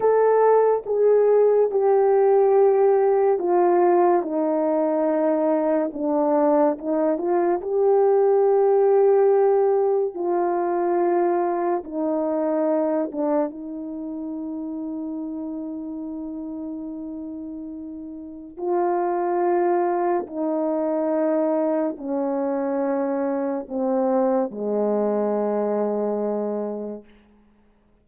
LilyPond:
\new Staff \with { instrumentName = "horn" } { \time 4/4 \tempo 4 = 71 a'4 gis'4 g'2 | f'4 dis'2 d'4 | dis'8 f'8 g'2. | f'2 dis'4. d'8 |
dis'1~ | dis'2 f'2 | dis'2 cis'2 | c'4 gis2. | }